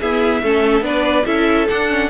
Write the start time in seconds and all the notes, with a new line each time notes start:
0.00 B3 E4 G#4 E5
0.42 A3 C#4 A4
0.81 B3 D4 B4 D5
1.25 C#4 E4 A4 E5
1.69 D4 F#5
1.89 C#4